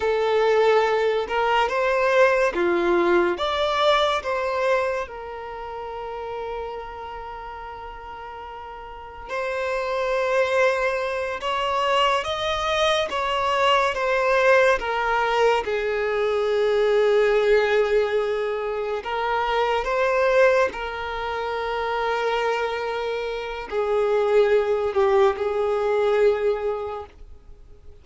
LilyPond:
\new Staff \with { instrumentName = "violin" } { \time 4/4 \tempo 4 = 71 a'4. ais'8 c''4 f'4 | d''4 c''4 ais'2~ | ais'2. c''4~ | c''4. cis''4 dis''4 cis''8~ |
cis''8 c''4 ais'4 gis'4.~ | gis'2~ gis'8 ais'4 c''8~ | c''8 ais'2.~ ais'8 | gis'4. g'8 gis'2 | }